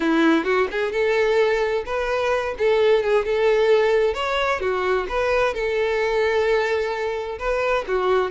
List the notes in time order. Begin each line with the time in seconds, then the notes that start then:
0.00 E4
0.44 F#4
0.71 G#4
0.91 A4
1.85 B4
2.58 A4
3.03 G#4
3.25 A4
4.14 C#5
4.60 F#4
5.08 B4
5.54 A4
7.38 B4
7.87 F#4